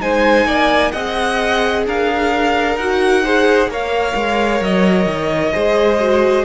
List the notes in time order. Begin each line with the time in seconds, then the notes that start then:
0.00 G#3 D#4 C5 G#5
0.46 A#3 D5
0.92 C4 G#4 D#5 F#5
1.86 D4 A#4 F5
2.76 D#4 F#4 F#5
3.24 G#4 C5
3.67 A#3 A#4 C#5
3.73 F5
4.16 G#3
4.61 F#3 D#5
5.06 D#3
5.53 G#3 G#4 C5
6.00 F#4